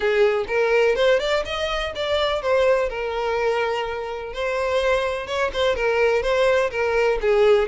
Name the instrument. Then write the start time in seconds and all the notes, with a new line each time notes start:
violin
0.00 G#4
0.47 A#4
0.95 C5
1.19 D5
1.45 D#5
1.95 D5
2.42 C5
2.89 A#4
4.33 C5
5.26 C#5
5.53 C5
5.75 A#4
6.22 C5
6.70 A#4
7.21 G#4